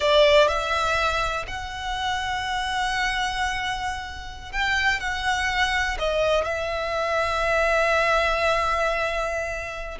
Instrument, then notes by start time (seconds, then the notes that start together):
violin
0.00 D5
0.47 E5
1.47 F#5
4.52 G5
5.00 F#5
5.98 D#5
6.44 E5